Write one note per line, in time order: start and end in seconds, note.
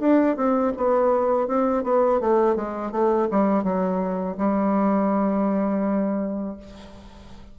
0.00 0.37 D4
0.37 0.73 C4
0.77 1.48 B3
1.48 1.84 C4
1.84 2.21 B3
2.21 2.56 A3
2.56 2.92 G#3
2.92 3.29 A3
3.31 3.64 G3
3.64 4.37 F#3
4.38 6.57 G3